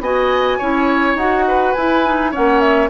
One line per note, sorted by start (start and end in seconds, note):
0.00 0.58 B3
0.00 0.60 F#4
0.00 0.58 D#5
0.00 1.17 G#5
0.58 1.15 C#4
0.58 1.18 E4
0.58 1.44 C#5
1.15 1.73 D#4
1.15 1.75 F#4
1.15 1.73 F#5
1.48 2.31 B4
1.73 2.35 E4
1.73 2.05 E4
1.73 2.31 G#5
2.05 2.32 D#4
2.31 2.90 A#3
2.31 2.90 C#4
2.31 2.89 C#5
2.31 2.60 F#5
2.60 2.89 E5